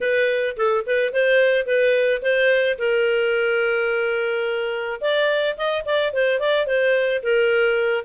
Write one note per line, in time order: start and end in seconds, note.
0.01 0.56 B4
0.57 0.84 A4
0.86 1.12 B4
1.12 1.66 C5
1.66 2.21 B4
2.22 2.77 C5
2.78 5.00 A#4
5.01 5.56 D5
5.57 5.85 D#5
5.85 6.13 D5
6.13 6.39 C5
6.39 6.66 D5
6.66 7.21 C5
7.22 8.04 A#4